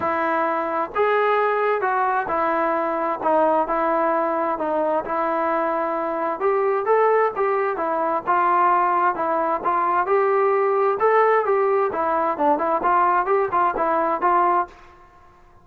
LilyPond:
\new Staff \with { instrumentName = "trombone" } { \time 4/4 \tempo 4 = 131 e'2 gis'2 | fis'4 e'2 dis'4 | e'2 dis'4 e'4~ | e'2 g'4 a'4 |
g'4 e'4 f'2 | e'4 f'4 g'2 | a'4 g'4 e'4 d'8 e'8 | f'4 g'8 f'8 e'4 f'4 | }